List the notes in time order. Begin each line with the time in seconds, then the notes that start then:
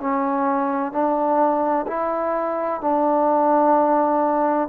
0.00 C#4
0.92 D4
1.87 E4
2.81 D4